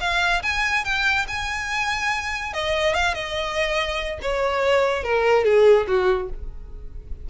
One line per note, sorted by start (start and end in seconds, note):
0.00 0.42 F5
0.43 0.84 G#5
0.84 1.26 G5
1.28 2.53 G#5
2.53 2.94 D#5
2.94 3.14 F5
3.14 4.19 D#5
4.21 5.03 C#5
5.03 5.44 A#4
5.44 5.86 G#4
5.87 6.29 F#4